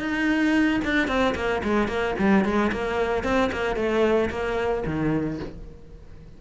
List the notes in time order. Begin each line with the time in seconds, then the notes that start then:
0.00 D#4
0.84 D4
1.07 C4
1.35 A#3
1.63 G#3
1.88 A#3
2.19 G3
2.44 G#3
2.72 A#3
3.24 C4
3.52 A#3
3.76 A3
4.30 A#3
4.86 D#3